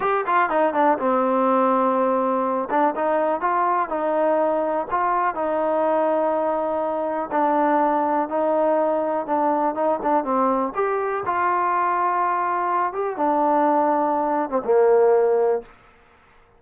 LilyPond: \new Staff \with { instrumentName = "trombone" } { \time 4/4 \tempo 4 = 123 g'8 f'8 dis'8 d'8 c'2~ | c'4. d'8 dis'4 f'4 | dis'2 f'4 dis'4~ | dis'2. d'4~ |
d'4 dis'2 d'4 | dis'8 d'8 c'4 g'4 f'4~ | f'2~ f'8 g'8 d'4~ | d'4.~ d'16 c'16 ais2 | }